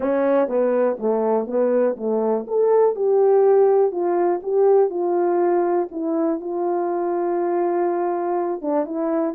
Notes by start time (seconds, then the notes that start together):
0.00 C#4
0.48 B3
0.99 A3
1.46 B3
1.96 A3
2.47 A4
2.95 G4
3.91 F4
4.43 G4
4.90 F4
5.91 E4
6.40 F4
8.61 D4
8.85 E4